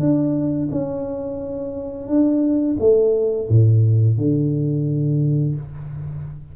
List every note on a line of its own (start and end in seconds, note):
0.00 0.69 D4
0.71 2.08 C#4
2.08 2.76 D4
2.80 3.49 A3
3.49 4.17 A2
4.17 5.55 D3